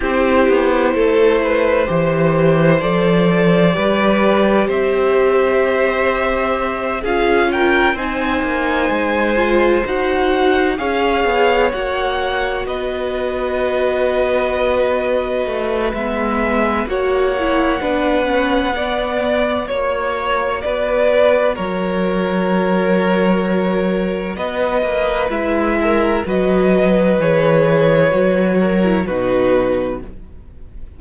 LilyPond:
<<
  \new Staff \with { instrumentName = "violin" } { \time 4/4 \tempo 4 = 64 c''2. d''4~ | d''4 e''2~ e''8 f''8 | g''8 gis''2 fis''4 f''8~ | f''8 fis''4 dis''2~ dis''8~ |
dis''4 e''4 fis''2~ | fis''4 cis''4 d''4 cis''4~ | cis''2 dis''4 e''4 | dis''4 cis''2 b'4 | }
  \new Staff \with { instrumentName = "violin" } { \time 4/4 g'4 a'8 b'8 c''2 | b'4 c''2~ c''8 gis'8 | ais'8 c''2. cis''8~ | cis''4. b'2~ b'8~ |
b'2 cis''4 b'4 | d''4 cis''4 b'4 ais'4~ | ais'2 b'4. ais'8 | b'2~ b'8 ais'8 fis'4 | }
  \new Staff \with { instrumentName = "viola" } { \time 4/4 e'2 g'4 a'4 | g'2.~ g'8 f'8~ | f'8 dis'4. f'8 fis'4 gis'8~ | gis'8 fis'2.~ fis'8~ |
fis'4 b4 fis'8 e'8 d'8 cis'8 | b4 fis'2.~ | fis'2. e'4 | fis'4 gis'4 fis'8. e'16 dis'4 | }
  \new Staff \with { instrumentName = "cello" } { \time 4/4 c'8 b8 a4 e4 f4 | g4 c'2~ c'8 cis'8~ | cis'8 c'8 ais8 gis4 dis'4 cis'8 | b8 ais4 b2~ b8~ |
b8 a8 gis4 ais4 b4~ | b4 ais4 b4 fis4~ | fis2 b8 ais8 gis4 | fis4 e4 fis4 b,4 | }
>>